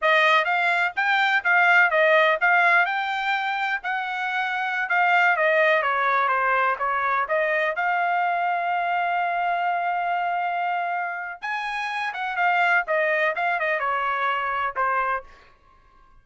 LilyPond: \new Staff \with { instrumentName = "trumpet" } { \time 4/4 \tempo 4 = 126 dis''4 f''4 g''4 f''4 | dis''4 f''4 g''2 | fis''2~ fis''16 f''4 dis''8.~ | dis''16 cis''4 c''4 cis''4 dis''8.~ |
dis''16 f''2.~ f''8.~ | f''1 | gis''4. fis''8 f''4 dis''4 | f''8 dis''8 cis''2 c''4 | }